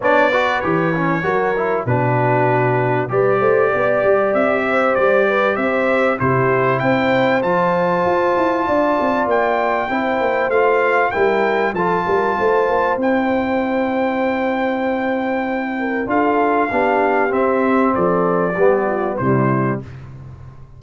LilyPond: <<
  \new Staff \with { instrumentName = "trumpet" } { \time 4/4 \tempo 4 = 97 d''4 cis''2 b'4~ | b'4 d''2 e''4 | d''4 e''4 c''4 g''4 | a''2. g''4~ |
g''4 f''4 g''4 a''4~ | a''4 g''2.~ | g''2 f''2 | e''4 d''2 c''4 | }
  \new Staff \with { instrumentName = "horn" } { \time 4/4 cis''8 b'4. ais'4 fis'4~ | fis'4 b'8 c''8 d''4. c''8~ | c''8 b'8 c''4 g'4 c''4~ | c''2 d''2 |
c''2 ais'4 a'8 ais'8 | c''1~ | c''4. ais'8 a'4 g'4~ | g'4 a'4 g'8 f'8 e'4 | }
  \new Staff \with { instrumentName = "trombone" } { \time 4/4 d'8 fis'8 g'8 cis'8 fis'8 e'8 d'4~ | d'4 g'2.~ | g'2 e'2 | f'1 |
e'4 f'4 e'4 f'4~ | f'4 e'2.~ | e'2 f'4 d'4 | c'2 b4 g4 | }
  \new Staff \with { instrumentName = "tuba" } { \time 4/4 b4 e4 fis4 b,4~ | b,4 g8 a8 b8 g8 c'4 | g4 c'4 c4 c'4 | f4 f'8 e'8 d'8 c'8 ais4 |
c'8 ais8 a4 g4 f8 g8 | a8 ais8 c'2.~ | c'2 d'4 b4 | c'4 f4 g4 c4 | }
>>